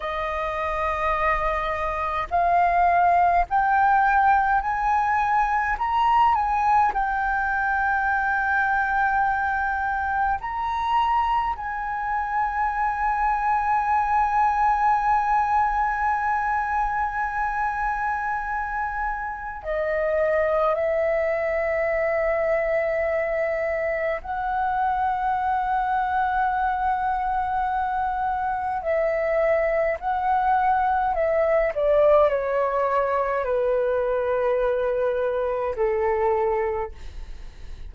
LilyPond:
\new Staff \with { instrumentName = "flute" } { \time 4/4 \tempo 4 = 52 dis''2 f''4 g''4 | gis''4 ais''8 gis''8 g''2~ | g''4 ais''4 gis''2~ | gis''1~ |
gis''4 dis''4 e''2~ | e''4 fis''2.~ | fis''4 e''4 fis''4 e''8 d''8 | cis''4 b'2 a'4 | }